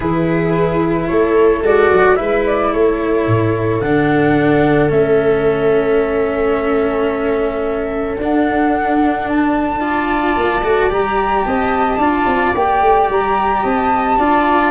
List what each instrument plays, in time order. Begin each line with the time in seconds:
0.00 tuba E3, cello E4, viola G#4, flute B4
1.07 tuba A3, viola A4, flute C#5
1.62 tuba G#3, cello F#4, flute D5
1.92 tuba F#3
2.15 tuba G#3, cello E4, viola B4, flute E5
2.46 flute D5
2.72 tuba A3, viola A4, flute C#5
3.27 tuba A2
3.80 tuba D3, cello D4, flute F#5
4.89 tuba A3, cello C#4, flute E5
8.17 tuba D4, cello D4, flute F#5
9.28 flute A5
9.79 cello F4, viola D5
10.36 tuba A#3
10.62 tuba A3, cello F#4
10.90 tuba G3, cello G4, flute A#5
11.45 tuba C4, viola D#5, flute A5
11.97 tuba D4, cello F4, viola D5
12.26 tuba C4
12.54 tuba A#3, cello G4, flute G5
12.81 tuba A3
13.09 tuba G3, flute A#5
13.62 tuba C4, viola D#5, flute A5
14.17 tuba D4, cello F4, viola D5